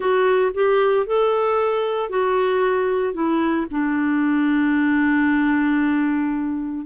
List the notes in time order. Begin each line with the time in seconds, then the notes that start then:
0.00 F#4
0.54 G4
1.06 A4
2.09 F#4
3.13 E4
3.71 D4